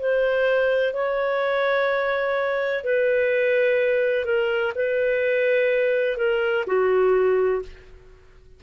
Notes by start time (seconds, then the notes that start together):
0.00 C5
0.94 C#5
2.84 B4
4.26 A#4
4.76 B4
6.18 A#4
6.67 F#4